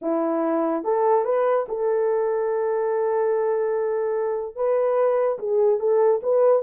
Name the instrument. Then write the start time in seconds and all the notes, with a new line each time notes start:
horn
0.01 E4
0.84 A4
1.24 B4
1.68 A4
4.55 B4
5.38 G#4
5.79 A4
6.22 B4